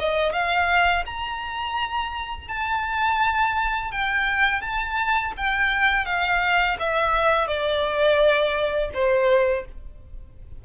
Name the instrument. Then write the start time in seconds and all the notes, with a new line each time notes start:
violin
0.00 D#5
0.33 F5
1.06 A#5
2.49 A5
3.92 G5
4.62 A5
5.37 G5
6.06 F5
6.80 E5
7.48 D5
8.94 C5